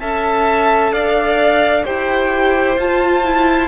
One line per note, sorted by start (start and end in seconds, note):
0.00 0.92 C#4
0.00 1.85 A4
0.00 0.92 E5
0.00 0.92 A5
0.92 1.84 D4
0.92 1.84 D5
0.92 1.85 F5
1.84 2.77 E4
1.84 2.78 G4
1.84 3.68 C5
1.84 2.78 G5
2.77 3.68 F4
2.77 3.24 F4
2.77 3.68 A5
3.24 3.68 E4